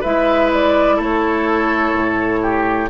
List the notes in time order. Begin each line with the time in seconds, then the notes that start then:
0.00 G#3 E4 B4 E5
0.53 D5
0.96 A3 A4
1.02 C#5
1.93 A2
2.41 G4